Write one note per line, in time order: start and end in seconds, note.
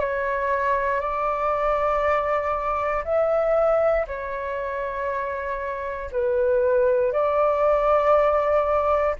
0.00 1.00 C#5
1.00 3.04 D5
3.04 4.06 E5
4.07 6.11 C#5
6.12 7.12 B4
7.12 9.16 D5